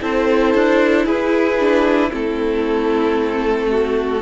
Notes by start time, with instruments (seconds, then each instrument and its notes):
0.00 cello C4, viola E4, violin A4 C5
0.54 cello D4
1.05 cello E4, violin G#4 B4
1.59 viola D4
2.09 cello A3, viola C4, violin E4 A4
3.71 violin F#4